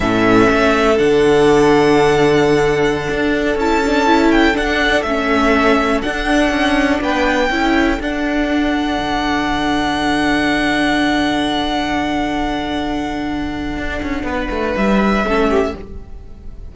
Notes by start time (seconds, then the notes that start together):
0.00 A2 C#4 A4 E5
0.49 A3
0.97 D3 D4 F#5
3.09 D4
3.55 C#4 E4 A5
3.85 D4
4.06 E4
4.31 G5
4.53 D4 F#5
5.02 A3 C#4 E5
6.02 D4 F#5
6.50 C#4
7.00 B3 B4 G5
7.50 C#4 E4 A4
8.00 D4 F#5
8.98 D3
13.76 D4
14.02 C#4
14.23 B3 B4
14.50 A3
14.76 G3 E5
15.24 A3 C#4 A4
15.49 G4